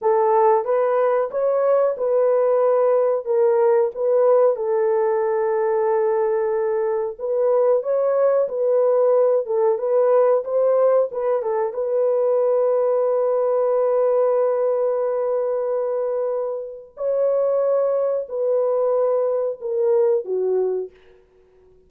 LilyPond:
\new Staff \with { instrumentName = "horn" } { \time 4/4 \tempo 4 = 92 a'4 b'4 cis''4 b'4~ | b'4 ais'4 b'4 a'4~ | a'2. b'4 | cis''4 b'4. a'8 b'4 |
c''4 b'8 a'8 b'2~ | b'1~ | b'2 cis''2 | b'2 ais'4 fis'4 | }